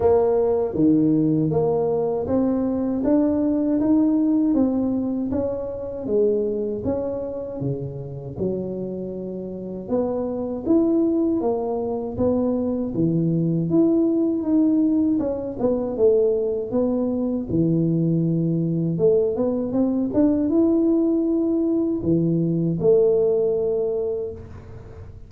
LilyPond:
\new Staff \with { instrumentName = "tuba" } { \time 4/4 \tempo 4 = 79 ais4 dis4 ais4 c'4 | d'4 dis'4 c'4 cis'4 | gis4 cis'4 cis4 fis4~ | fis4 b4 e'4 ais4 |
b4 e4 e'4 dis'4 | cis'8 b8 a4 b4 e4~ | e4 a8 b8 c'8 d'8 e'4~ | e'4 e4 a2 | }